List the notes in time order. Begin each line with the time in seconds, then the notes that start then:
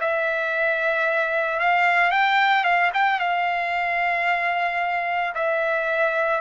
0.00 E5
1.60 F5
2.11 G5
2.64 F5
2.94 G5
3.19 F5
5.35 E5